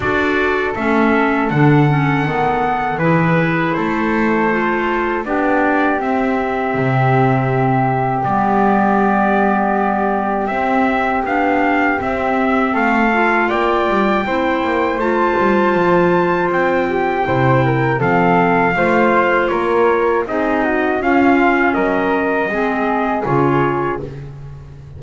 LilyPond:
<<
  \new Staff \with { instrumentName = "trumpet" } { \time 4/4 \tempo 4 = 80 d''4 e''4 fis''2 | b'4 c''2 d''4 | e''2. d''4~ | d''2 e''4 f''4 |
e''4 f''4 g''2 | a''2 g''2 | f''2 cis''4 dis''4 | f''4 dis''2 cis''4 | }
  \new Staff \with { instrumentName = "flute" } { \time 4/4 a'1 | gis'4 a'2 g'4~ | g'1~ | g'1~ |
g'4 a'4 d''4 c''4~ | c''2~ c''8 g'8 c''8 ais'8 | a'4 c''4 ais'4 gis'8 fis'8 | f'4 ais'4 gis'2 | }
  \new Staff \with { instrumentName = "clarinet" } { \time 4/4 fis'4 cis'4 d'8 cis'8 b4 | e'2 f'4 d'4 | c'2. b4~ | b2 c'4 d'4 |
c'4. f'4. e'4 | f'2. e'4 | c'4 f'2 dis'4 | cis'2 c'4 f'4 | }
  \new Staff \with { instrumentName = "double bass" } { \time 4/4 d'4 a4 d4 dis4 | e4 a2 b4 | c'4 c2 g4~ | g2 c'4 b4 |
c'4 a4 ais8 g8 c'8 ais8 | a8 g8 f4 c'4 c4 | f4 a4 ais4 c'4 | cis'4 fis4 gis4 cis4 | }
>>